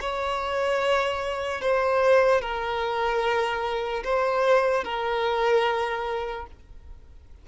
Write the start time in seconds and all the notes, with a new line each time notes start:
0.00 C#5
1.61 C5
2.41 A#4
4.04 C5
4.84 A#4